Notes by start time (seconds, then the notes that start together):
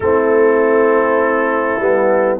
0.00 A3 C4 E4 A4
1.78 G3 B3